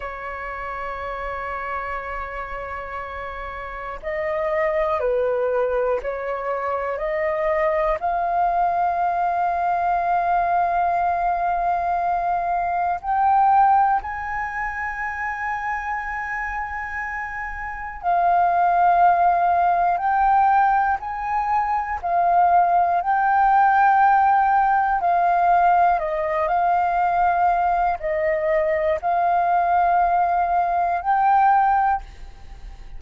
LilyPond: \new Staff \with { instrumentName = "flute" } { \time 4/4 \tempo 4 = 60 cis''1 | dis''4 b'4 cis''4 dis''4 | f''1~ | f''4 g''4 gis''2~ |
gis''2 f''2 | g''4 gis''4 f''4 g''4~ | g''4 f''4 dis''8 f''4. | dis''4 f''2 g''4 | }